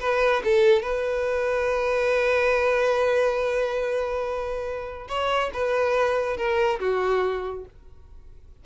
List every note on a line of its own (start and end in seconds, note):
0.00 0.43 B4
0.44 0.82 A4
0.82 5.08 B4
5.08 5.51 C#5
5.54 6.37 B4
6.37 6.79 A#4
6.80 7.65 F#4